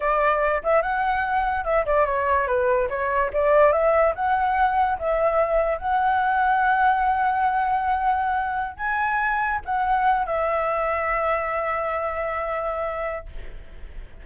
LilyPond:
\new Staff \with { instrumentName = "flute" } { \time 4/4 \tempo 4 = 145 d''4. e''8 fis''2 | e''8 d''8 cis''4 b'4 cis''4 | d''4 e''4 fis''2 | e''2 fis''2~ |
fis''1~ | fis''4~ fis''16 gis''2 fis''8.~ | fis''8. e''2.~ e''16~ | e''1 | }